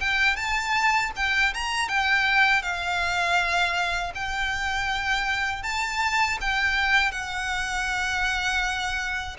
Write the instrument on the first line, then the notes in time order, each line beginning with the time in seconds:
violin
0.00 G5
0.36 A5
1.16 G5
1.54 A#5
1.89 G5
2.62 F5
4.15 G5
5.63 A5
6.41 G5
7.12 F#5